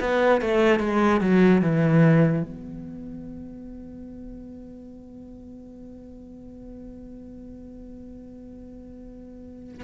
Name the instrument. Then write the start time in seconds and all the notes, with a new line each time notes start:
cello
0.00 B3
0.41 A3
0.80 G#3
1.21 F#3
1.61 E3
2.43 B3